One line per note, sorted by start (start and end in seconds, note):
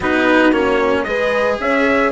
0.00 0.51 B3
0.00 0.53 D#4
0.00 1.03 F#4
0.00 0.53 B4
0.51 1.05 A#3
0.51 1.06 C#4
0.51 1.03 C#5
1.03 1.58 G#3
1.03 2.11 G#4
1.03 1.60 B4
1.03 1.56 D#5
1.59 2.11 C#4
1.59 2.11 C#5
1.59 2.11 E5